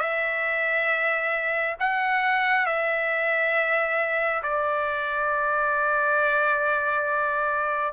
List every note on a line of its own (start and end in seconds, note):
0.00 1.76 E5
1.80 2.66 F#5
2.66 4.42 E5
4.43 7.93 D5